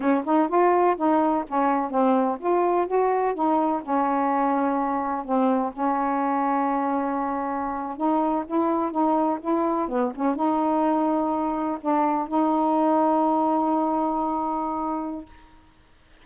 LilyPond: \new Staff \with { instrumentName = "saxophone" } { \time 4/4 \tempo 4 = 126 cis'8 dis'8 f'4 dis'4 cis'4 | c'4 f'4 fis'4 dis'4 | cis'2. c'4 | cis'1~ |
cis'8. dis'4 e'4 dis'4 e'16~ | e'8. b8 cis'8 dis'2~ dis'16~ | dis'8. d'4 dis'2~ dis'16~ | dis'1 | }